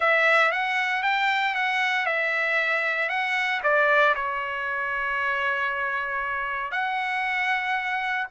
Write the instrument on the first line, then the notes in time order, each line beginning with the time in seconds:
trumpet
0.00 E5
0.51 F#5
1.03 G5
1.54 F#5
2.06 E5
3.09 F#5
3.63 D5
4.15 C#5
6.71 F#5